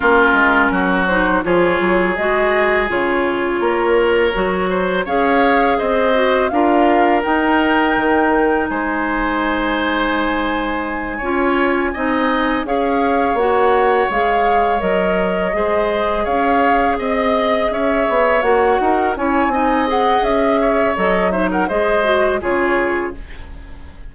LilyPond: <<
  \new Staff \with { instrumentName = "flute" } { \time 4/4 \tempo 4 = 83 ais'4. c''8 cis''4 dis''4 | cis''2. f''4 | dis''4 f''4 g''2 | gis''1~ |
gis''4. f''4 fis''4 f''8~ | f''8 dis''2 f''4 dis''8~ | dis''8 e''4 fis''4 gis''4 fis''8 | e''4 dis''8 e''16 fis''16 dis''4 cis''4 | }
  \new Staff \with { instrumentName = "oboe" } { \time 4/4 f'4 fis'4 gis'2~ | gis'4 ais'4. c''8 cis''4 | c''4 ais'2. | c''2.~ c''8 cis''8~ |
cis''8 dis''4 cis''2~ cis''8~ | cis''4. c''4 cis''4 dis''8~ | dis''8 cis''4. ais'8 cis''8 dis''4~ | dis''8 cis''4 c''16 ais'16 c''4 gis'4 | }
  \new Staff \with { instrumentName = "clarinet" } { \time 4/4 cis'4. dis'8 f'4 fis'4 | f'2 fis'4 gis'4~ | gis'8 fis'8 f'4 dis'2~ | dis'2.~ dis'8 f'8~ |
f'8 dis'4 gis'4 fis'4 gis'8~ | gis'8 ais'4 gis'2~ gis'8~ | gis'4. fis'4 e'8 dis'8 gis'8~ | gis'4 a'8 dis'8 gis'8 fis'8 f'4 | }
  \new Staff \with { instrumentName = "bassoon" } { \time 4/4 ais8 gis8 fis4 f8 fis8 gis4 | cis4 ais4 fis4 cis'4 | c'4 d'4 dis'4 dis4 | gis2.~ gis8 cis'8~ |
cis'8 c'4 cis'4 ais4 gis8~ | gis8 fis4 gis4 cis'4 c'8~ | c'8 cis'8 b8 ais8 dis'8 cis'8 c'4 | cis'4 fis4 gis4 cis4 | }
>>